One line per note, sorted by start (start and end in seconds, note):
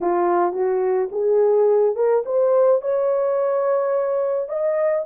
0.00 0.53 F4
0.53 1.09 F#4
1.11 1.95 G#4
1.95 2.23 A#4
2.25 2.81 C5
2.81 4.48 C#5
4.48 5.04 D#5